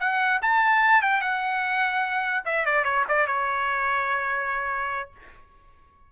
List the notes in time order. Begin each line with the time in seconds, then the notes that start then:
0.00 F#5
0.42 A5
1.02 G5
1.21 F#5
2.45 E5
2.66 D5
2.85 C#5
3.09 D5
3.27 C#5